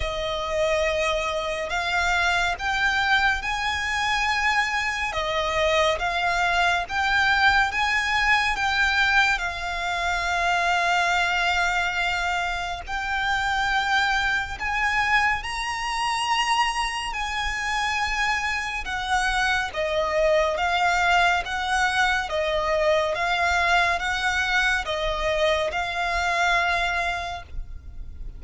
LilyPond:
\new Staff \with { instrumentName = "violin" } { \time 4/4 \tempo 4 = 70 dis''2 f''4 g''4 | gis''2 dis''4 f''4 | g''4 gis''4 g''4 f''4~ | f''2. g''4~ |
g''4 gis''4 ais''2 | gis''2 fis''4 dis''4 | f''4 fis''4 dis''4 f''4 | fis''4 dis''4 f''2 | }